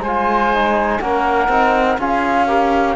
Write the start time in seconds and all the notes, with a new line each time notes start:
0.00 G#3 F4 C5 G#5
0.54 D#4
1.00 A#3 C#4 A#4 F#5
1.48 C4 D#4
1.98 C#4 F4 G#4 F5
2.47 G4 A#4